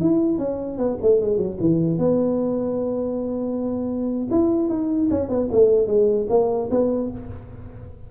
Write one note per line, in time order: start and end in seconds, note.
0.00 0.38 E4
0.38 0.78 C#4
0.78 0.98 B3
1.01 1.21 A3
1.21 1.37 G#3
1.37 1.57 F#3
1.60 1.98 E3
1.98 4.28 B3
4.31 4.69 E4
4.69 5.09 D#4
5.11 5.29 C#4
5.29 5.49 B3
5.52 5.87 A3
5.87 6.27 G#3
6.29 6.69 A#3
6.70 7.10 B3